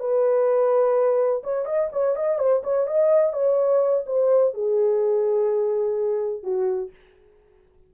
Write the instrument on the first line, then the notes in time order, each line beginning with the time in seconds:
horn
0.00 B4
1.44 C#5
1.66 D#5
1.92 C#5
2.16 D#5
2.39 C5
2.63 C#5
2.87 D#5
3.33 C#5
4.06 C5
4.54 G#4
6.43 F#4